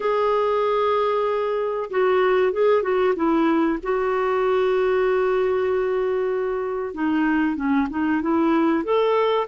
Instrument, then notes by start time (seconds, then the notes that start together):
clarinet
0.00 G#4
1.90 F#4
2.52 G#4
2.82 F#4
3.15 E4
3.82 F#4
6.94 D#4
7.56 C#4
7.90 D#4
8.21 E4
8.84 A4